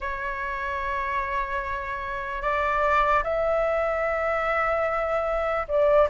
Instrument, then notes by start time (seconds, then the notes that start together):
flute
0.00 C#5
2.41 D5
3.23 E5
5.68 D5